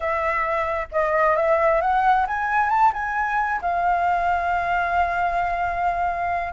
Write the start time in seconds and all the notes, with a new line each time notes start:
0.00 E5
0.91 D#5
1.36 E5
1.81 F#5
2.27 G#5
2.69 A5
2.93 G#5
3.61 F5